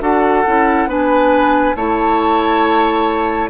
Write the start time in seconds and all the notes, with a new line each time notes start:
0.00 D4 F#4 A4 F#5
0.46 C#4 E4
0.87 B3 D4 B4 G#5
1.76 A3 E4 C#5 A5